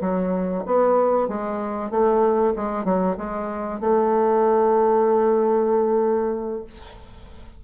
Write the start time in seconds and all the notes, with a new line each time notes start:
0.00 F#3
0.65 B3
1.28 G#3
1.90 A3
2.55 G#3
2.84 F#3
3.17 G#3
3.80 A3